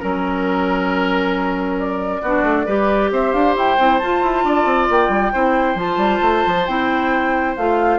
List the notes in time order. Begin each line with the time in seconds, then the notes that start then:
0.00 F#3 C#4 A#4
1.79 D5
2.22 B3 D4 F#4
2.43 A3
2.66 G3 G4 B4
3.11 C4 C5 E5
3.33 D4 F5
3.56 E4 G5
3.78 C4 E4
3.99 F4 A5
4.23 E4
4.44 D4 D5
4.65 C4
4.90 A#3 G5
5.09 G3
5.33 C4 E4 C5
5.76 F3 F4 A5
5.97 G3
6.22 A3
6.46 F3
6.67 C4 E4 G5
7.57 A3 F4 F5